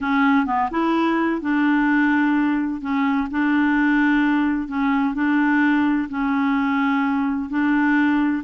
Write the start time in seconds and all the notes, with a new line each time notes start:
0.00 C#4
0.46 B3
0.70 E4
1.41 D4
2.81 C#4
3.30 D4
4.67 C#4
5.14 D4
6.09 C#4
7.49 D4